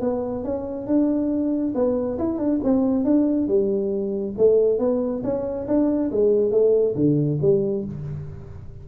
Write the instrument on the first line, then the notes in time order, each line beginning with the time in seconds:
tuba
0.00 B3
0.44 C#4
0.86 D4
1.74 B3
2.18 E4
2.38 D4
2.63 C4
3.04 D4
3.47 G3
4.37 A3
4.79 B3
5.23 C#4
5.67 D4
6.11 G#3
6.51 A3
6.95 D3
7.41 G3